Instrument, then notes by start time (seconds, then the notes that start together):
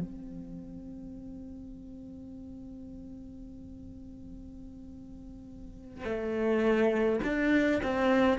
cello
0.00 C4
6.04 A3
7.23 D4
7.83 C4